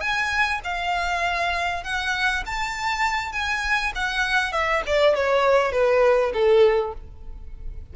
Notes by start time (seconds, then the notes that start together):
0.00 G#5
0.64 F5
1.84 F#5
2.45 A5
3.32 G#5
3.95 F#5
4.52 E5
4.86 D5
5.15 C#5
5.72 B4
6.34 A4